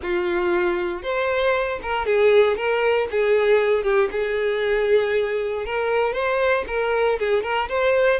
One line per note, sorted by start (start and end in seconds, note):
0.02 1.02 F4
1.02 1.79 C5
1.82 2.05 A#4
2.05 2.56 G#4
2.56 3.08 A#4
3.10 3.83 G#4
3.83 4.09 G4
4.11 5.65 G#4
5.65 6.13 A#4
6.13 6.64 C5
6.67 7.18 A#4
7.19 7.42 G#4
7.42 7.68 A#4
7.69 8.19 C5